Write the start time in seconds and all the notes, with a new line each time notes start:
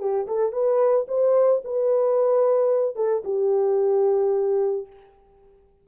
0.00 G4
0.28 A4
0.53 B4
1.08 C5
1.65 B4
2.96 A4
3.25 G4